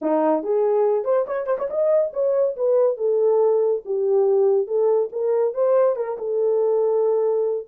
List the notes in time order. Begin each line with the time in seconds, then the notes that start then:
0.01 D#4
0.43 G#4
1.04 C5
1.26 C#5
1.46 C5
1.58 C#5
1.70 D#5
2.13 C#5
2.56 B4
2.97 A4
3.85 G4
4.67 A4
5.12 A#4
5.53 C5
5.96 A#4
6.18 A4